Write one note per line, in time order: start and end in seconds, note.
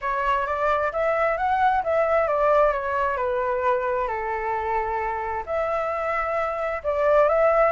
0.01 0.46 C#5
0.46 0.92 D5
0.92 1.37 E5
1.37 1.82 F#5
1.83 2.27 E5
2.27 2.72 D5
2.72 3.16 C#5
3.16 4.07 B4
4.07 5.43 A4
5.45 6.82 E5
6.83 7.29 D5
7.29 7.72 E5